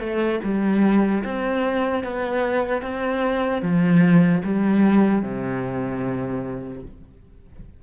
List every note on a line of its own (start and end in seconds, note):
0.00 0.40 A3
0.44 1.24 G3
1.24 2.04 C4
2.04 2.83 B3
2.83 3.63 C4
3.63 4.43 F3
4.45 5.23 G3
5.23 6.83 C3